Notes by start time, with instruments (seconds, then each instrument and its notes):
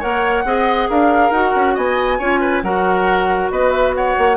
0.00 bassoon A#3, clarinet A#4, oboe C#5, flute F#5
0.45 bassoon C4, clarinet G#4, oboe D#5
0.90 bassoon D4, oboe A#4, flute F5
1.31 bassoon D#4, clarinet F#4, flute F#5
1.56 bassoon C#4
1.75 bassoon B3, oboe D#5, flute G#5
2.18 bassoon C#4, clarinet F4, oboe C#5
2.41 oboe B4
2.63 bassoon F#3, clarinet F#4, oboe A#4, flute F#5
3.51 bassoon B3, oboe B4, flute D#5
3.71 flute E5
3.95 oboe C#5, flute F#5
4.18 bassoon A#3